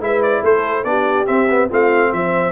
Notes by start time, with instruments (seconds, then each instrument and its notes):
0.00 tuba G#3, trombone E4, horn B4, trumpet E5
0.23 trumpet D5
0.42 tuba A3, horn A4, trumpet C5
0.84 tuba B3, trombone D4, horn G4, trumpet D5
1.27 trombone C4, tuba C4, trumpet E5
1.50 trombone B3
1.69 tuba A3, trombone C4, horn F4, trumpet F5
2.11 tuba F3, horn C5, trumpet E5